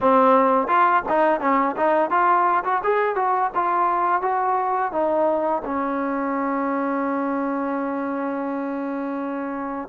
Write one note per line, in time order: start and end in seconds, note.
0.00 0.67 C4
0.67 1.02 F4
1.08 1.40 D#4
1.40 1.75 C#4
1.76 2.10 D#4
2.10 2.63 F4
2.64 2.82 F#4
2.83 3.15 G#4
3.15 3.51 F#4
3.55 4.21 F4
4.21 4.92 F#4
4.92 5.62 D#4
5.64 9.88 C#4